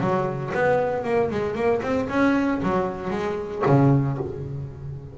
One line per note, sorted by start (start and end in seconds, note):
0.00 0.52 F#3
0.54 1.04 B3
1.04 1.30 A#3
1.30 1.55 G#3
1.55 1.81 A#3
1.82 2.08 C4
2.09 2.61 C#4
2.62 3.10 F#3
3.10 3.62 G#3
3.66 4.18 C#3